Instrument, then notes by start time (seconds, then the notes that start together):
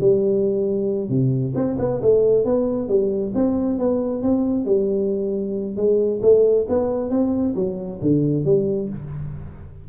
tuba
0.00 G3
1.09 C3
1.55 C4
1.78 B3
2.01 A3
2.44 B3
2.88 G3
3.34 C4
3.78 B3
4.22 C4
4.65 G3
5.76 G#3
6.22 A3
6.68 B3
7.10 C4
7.55 F#3
8.01 D3
8.44 G3